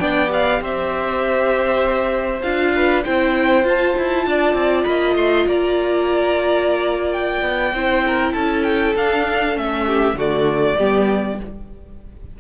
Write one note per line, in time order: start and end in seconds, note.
0.00 0.61 B3
0.00 0.28 D4
0.00 0.61 D5
0.00 0.30 G5
0.28 2.40 G4
0.28 0.63 F5
0.61 2.42 C4
0.61 2.74 C5
0.61 2.42 E5
2.42 3.05 D4
2.42 3.04 F4
2.42 3.03 F5
2.76 3.05 B4
3.05 3.64 C4
3.05 3.65 E4
3.05 4.26 C5
3.05 3.66 G5
3.64 3.95 F4
3.64 7.74 F4
3.64 4.84 A5
3.99 4.27 E4
4.27 4.54 D4
4.27 4.89 D5
4.54 4.84 C4
4.84 5.16 A#3
4.84 5.48 D#5
4.84 5.15 B5
5.16 5.46 A3
5.16 5.47 C6
5.47 7.42 A#3
5.47 7.75 D5
5.47 7.13 A#5
7.13 8.34 G5
7.42 7.72 B3
7.73 8.34 C4
7.73 8.96 E4
7.73 8.05 C5
8.07 8.33 A#4
8.33 8.95 C#4
8.33 9.84 A4
8.33 8.64 A5
8.64 8.94 G5
8.96 9.56 D4
8.96 9.54 D4
8.96 9.58 F5
9.54 10.14 A3
9.54 10.15 C#4
9.54 10.18 E5
9.87 10.17 G4
10.14 10.75 D3
10.14 10.78 A3
10.14 10.78 F#4
10.14 11.41 D5
10.78 11.40 G3
10.78 11.40 B3
10.78 11.38 G4